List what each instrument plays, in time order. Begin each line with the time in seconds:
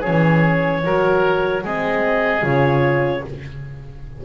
0.00 horn C#4, oboe G#4, clarinet C#5
0.07 double bass E3
0.83 double bass F#3, horn F#4, oboe A#4
1.63 double bass G#3, horn C4, oboe G#4, clarinet D#5
2.42 double bass C#3, horn F4, clarinet C#5